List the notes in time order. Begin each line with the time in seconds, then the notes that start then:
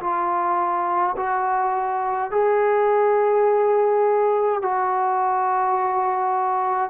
0.00 F4
1.16 F#4
2.31 G#4
4.62 F#4